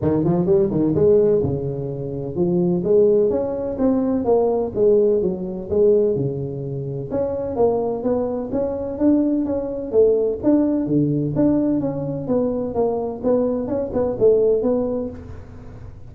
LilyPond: \new Staff \with { instrumentName = "tuba" } { \time 4/4 \tempo 4 = 127 dis8 f8 g8 dis8 gis4 cis4~ | cis4 f4 gis4 cis'4 | c'4 ais4 gis4 fis4 | gis4 cis2 cis'4 |
ais4 b4 cis'4 d'4 | cis'4 a4 d'4 d4 | d'4 cis'4 b4 ais4 | b4 cis'8 b8 a4 b4 | }